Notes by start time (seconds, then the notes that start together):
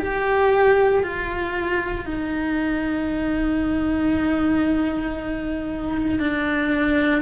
0.00 G4
1.03 F4
2.06 D#4
6.20 D4